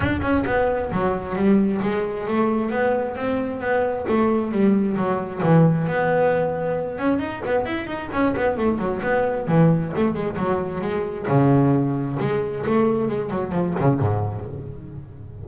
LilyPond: \new Staff \with { instrumentName = "double bass" } { \time 4/4 \tempo 4 = 133 d'8 cis'8 b4 fis4 g4 | gis4 a4 b4 c'4 | b4 a4 g4 fis4 | e4 b2~ b8 cis'8 |
dis'8 b8 e'8 dis'8 cis'8 b8 a8 fis8 | b4 e4 a8 gis8 fis4 | gis4 cis2 gis4 | a4 gis8 fis8 f8 cis8 gis,4 | }